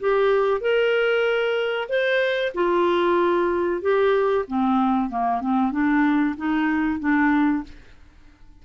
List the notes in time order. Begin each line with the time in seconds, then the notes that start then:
0.00 G4
0.61 A#4
1.89 C5
2.54 F4
3.81 G4
4.48 C4
5.09 A#3
5.41 C4
5.72 D4
6.37 D#4
7.00 D4